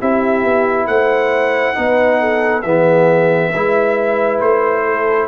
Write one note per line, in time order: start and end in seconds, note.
0.00 0.44 C4
0.00 1.75 E4
0.00 0.88 G4
0.00 0.87 E5
0.44 0.87 B3
0.87 1.76 A3
0.87 1.77 C5
0.87 2.63 F#5
1.75 2.65 B3
1.75 2.64 D#4
1.75 2.20 B4
2.20 2.65 A4
2.63 3.53 E3
2.63 3.53 B3
2.63 3.51 G#4
2.63 4.39 E5
3.51 4.41 G#3
3.51 5.28 E4
3.51 4.84 B4
4.41 5.28 A3
4.41 5.28 C5
4.85 5.28 A4